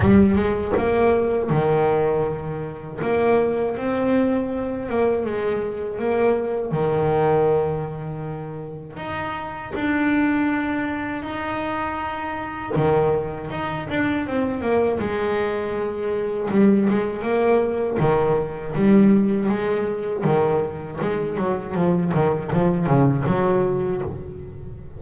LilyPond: \new Staff \with { instrumentName = "double bass" } { \time 4/4 \tempo 4 = 80 g8 gis8 ais4 dis2 | ais4 c'4. ais8 gis4 | ais4 dis2. | dis'4 d'2 dis'4~ |
dis'4 dis4 dis'8 d'8 c'8 ais8 | gis2 g8 gis8 ais4 | dis4 g4 gis4 dis4 | gis8 fis8 f8 dis8 f8 cis8 fis4 | }